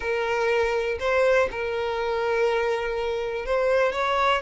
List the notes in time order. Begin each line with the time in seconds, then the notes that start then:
0.00 A#4
0.99 C5
1.51 A#4
3.45 C5
3.92 C#5